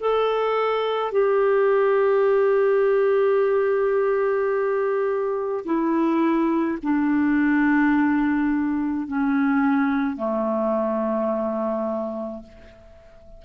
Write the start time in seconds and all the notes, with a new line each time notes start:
0.00 A4
1.12 G4
5.64 E4
6.82 D4
9.07 C#4
10.16 A3